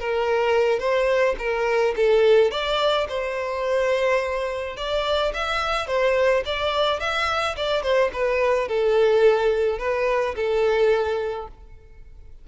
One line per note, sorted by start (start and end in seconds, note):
0.00 0.80 A#4
0.80 1.36 C5
1.39 1.95 A#4
1.97 2.51 A4
2.51 3.07 D5
3.09 4.77 C5
4.77 5.33 D5
5.34 5.87 E5
5.87 6.43 C5
6.46 7.00 D5
7.00 7.56 E5
7.57 7.83 D5
7.83 8.11 C5
8.13 8.68 B4
8.68 9.79 A4
9.79 10.35 B4
10.36 11.48 A4